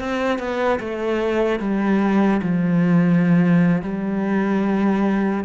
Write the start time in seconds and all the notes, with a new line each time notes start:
0.00 C4
0.39 B3
0.80 A3
1.60 G3
2.42 F3
3.83 G3